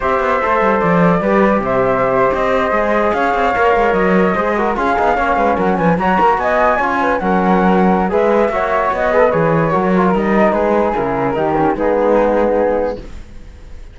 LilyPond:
<<
  \new Staff \with { instrumentName = "flute" } { \time 4/4 \tempo 4 = 148 e''2 d''2 | e''4.~ e''16 dis''2 f''16~ | f''4.~ f''16 dis''2 f''16~ | f''4.~ f''16 fis''8 gis''8 ais''4 gis''16~ |
gis''4.~ gis''16 fis''2~ fis''16 | e''2 dis''4 cis''4~ | cis''4 dis''4 b'4 ais'4~ | ais'4 gis'2. | }
  \new Staff \with { instrumentName = "flute" } { \time 4/4 c''2. b'4 | c''2.~ c''8. cis''16~ | cis''2~ cis''8. c''8 ais'8 gis'16~ | gis'8. cis''8 b'8 ais'8 b'8 cis''8 ais'8 dis''16~ |
dis''8. cis''8 b'8 ais'2~ ais'16 | b'4 cis''4. b'4. | ais'2 gis'2 | g'4 dis'2. | }
  \new Staff \with { instrumentName = "trombone" } { \time 4/4 g'4 a'2 g'4~ | g'2~ g'8. gis'4~ gis'16~ | gis'8. ais'2 gis'8 fis'8 f'16~ | f'16 dis'8 cis'2 fis'4~ fis'16~ |
fis'8. f'4 cis'2~ cis'16 | gis'4 fis'4. gis'16 a'16 gis'4 | fis'8 f'8 dis'2 e'4 | dis'8 cis'8 b2. | }
  \new Staff \with { instrumentName = "cello" } { \time 4/4 c'8 b8 a8 g8 f4 g4 | c4.~ c16 c'4 gis4 cis'16~ | cis'16 c'8 ais8 gis8 fis4 gis4 cis'16~ | cis'16 b8 ais8 gis8 fis8 f8 fis8 ais8 b16~ |
b8. cis'4 fis2~ fis16 | gis4 ais4 b4 e4 | fis4 g4 gis4 cis4 | dis4 gis2. | }
>>